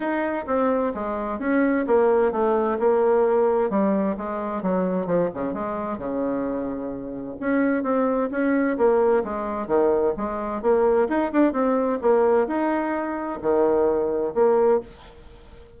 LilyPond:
\new Staff \with { instrumentName = "bassoon" } { \time 4/4 \tempo 4 = 130 dis'4 c'4 gis4 cis'4 | ais4 a4 ais2 | g4 gis4 fis4 f8 cis8 | gis4 cis2. |
cis'4 c'4 cis'4 ais4 | gis4 dis4 gis4 ais4 | dis'8 d'8 c'4 ais4 dis'4~ | dis'4 dis2 ais4 | }